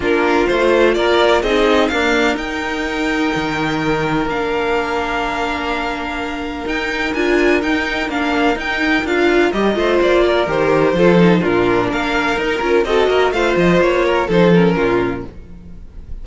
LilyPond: <<
  \new Staff \with { instrumentName = "violin" } { \time 4/4 \tempo 4 = 126 ais'4 c''4 d''4 dis''4 | f''4 g''2.~ | g''4 f''2.~ | f''2 g''4 gis''4 |
g''4 f''4 g''4 f''4 | dis''4 d''4 c''2 | ais'4 f''4 ais'4 dis''4 | f''8 dis''8 cis''4 c''8 ais'4. | }
  \new Staff \with { instrumentName = "violin" } { \time 4/4 f'2 ais'4 gis'4 | ais'1~ | ais'1~ | ais'1~ |
ais'1~ | ais'8 c''4 ais'4. a'4 | f'4 ais'2 a'8 ais'8 | c''4. ais'8 a'4 f'4 | }
  \new Staff \with { instrumentName = "viola" } { \time 4/4 d'4 f'2 dis'4 | ais4 dis'2.~ | dis'4 d'2.~ | d'2 dis'4 f'4 |
dis'4 d'4 dis'4 f'4 | g'8 f'4. g'4 f'8 dis'8 | d'2 dis'8 f'8 fis'4 | f'2 dis'8 cis'4. | }
  \new Staff \with { instrumentName = "cello" } { \time 4/4 ais4 a4 ais4 c'4 | d'4 dis'2 dis4~ | dis4 ais2.~ | ais2 dis'4 d'4 |
dis'4 ais4 dis'4 d'4 | g8 a8 ais4 dis4 f4 | ais,4 ais4 dis'8 cis'8 c'8 ais8 | a8 f8 ais4 f4 ais,4 | }
>>